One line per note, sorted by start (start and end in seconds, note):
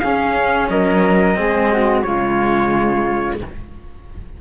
0.00 1.35 C#4
0.00 0.70 C#4
0.00 0.70 G#4
0.00 0.67 F5
0.70 1.37 F#3
0.70 1.38 A#4
0.70 2.03 D#5
1.35 2.05 G#3
1.35 2.02 C4
1.35 1.72 G#4
1.72 2.06 F#4
2.03 3.40 C#3
2.03 3.41 G#3
2.03 3.41 F4
2.03 3.37 C#5